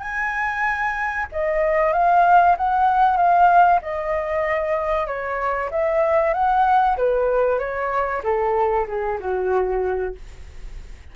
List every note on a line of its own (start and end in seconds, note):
0.00 1.26 G#5
1.32 1.93 D#5
1.93 2.56 F5
2.58 3.17 F#5
3.17 3.80 F5
3.82 5.07 D#5
5.07 5.70 C#5
5.71 6.34 E5
6.34 6.97 F#5
6.98 7.59 B4
7.59 8.22 C#5
8.24 8.87 A4
8.88 9.20 G#4
9.20 10.15 F#4